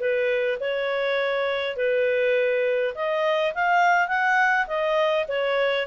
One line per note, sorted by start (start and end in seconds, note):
0.00 0.59 B4
0.60 1.77 C#5
1.77 2.94 B4
2.95 3.54 D#5
3.55 4.08 F5
4.08 4.67 F#5
4.68 5.26 D#5
5.28 5.87 C#5